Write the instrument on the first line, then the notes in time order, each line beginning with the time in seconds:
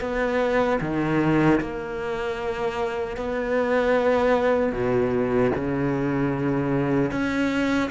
cello
0.00 B3
0.81 D#3
1.60 A#3
3.17 B3
4.72 B2
5.55 C#3
7.11 C#4